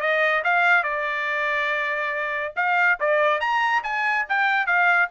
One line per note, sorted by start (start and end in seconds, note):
0.00 0.43 D#5
0.44 0.83 F5
0.83 2.53 D5
2.56 2.98 F5
3.00 3.40 D5
3.40 3.83 A#5
3.83 4.26 G#5
4.28 4.66 G5
4.66 5.09 F5